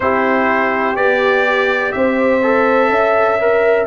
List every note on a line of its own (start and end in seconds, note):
0.00 0.96 C4
0.00 0.96 E4
0.00 1.95 G4
0.00 0.96 C5
0.96 1.93 B3
0.96 2.41 G4
0.96 1.92 D5
1.92 2.89 C4
1.92 2.91 C5
1.92 3.85 E5
2.43 3.39 A4
2.89 3.86 C#4
2.89 3.86 E5
3.40 3.86 A#4